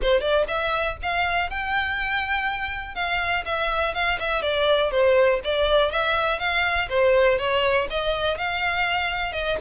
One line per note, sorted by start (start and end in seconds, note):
0.02 0.20 C5
0.20 0.45 D5
0.47 0.96 E5
1.02 1.50 F5
1.50 2.94 G5
2.94 3.44 F5
3.45 3.94 E5
3.94 4.18 F5
4.19 4.42 E5
4.42 4.91 D5
4.91 5.40 C5
5.44 5.92 D5
5.92 6.39 E5
6.39 6.88 F5
6.89 7.38 C5
7.38 7.87 C#5
7.90 8.37 D#5
8.37 9.32 F5
9.32 9.57 D#5